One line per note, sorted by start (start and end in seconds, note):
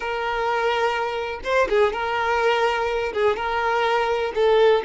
0.00 1.40 A#4
1.44 1.68 C5
1.69 1.92 G#4
1.92 3.12 A#4
3.13 3.36 G#4
3.36 4.32 A#4
4.34 4.82 A4